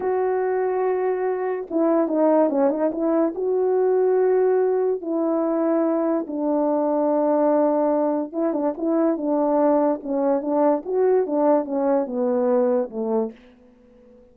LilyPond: \new Staff \with { instrumentName = "horn" } { \time 4/4 \tempo 4 = 144 fis'1 | e'4 dis'4 cis'8 dis'8 e'4 | fis'1 | e'2. d'4~ |
d'1 | e'8 d'8 e'4 d'2 | cis'4 d'4 fis'4 d'4 | cis'4 b2 a4 | }